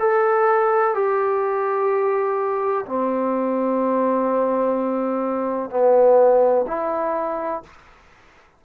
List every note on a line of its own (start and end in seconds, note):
0.00 0.95 A4
0.95 2.85 G4
2.86 5.71 C4
5.71 6.66 B3
6.68 7.63 E4